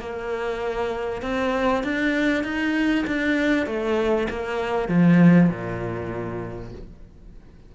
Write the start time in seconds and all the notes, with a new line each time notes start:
0.00 A#3
1.22 C4
1.84 D4
2.44 D#4
3.07 D4
3.67 A3
4.30 A#3
4.88 F3
5.50 A#2